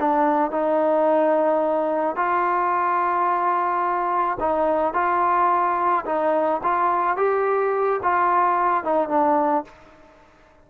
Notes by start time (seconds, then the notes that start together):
0.00 D4
0.52 D#4
2.16 F4
4.40 D#4
4.94 F4
6.06 D#4
6.64 F4
7.17 G4
8.03 F4
8.84 D#4
9.09 D4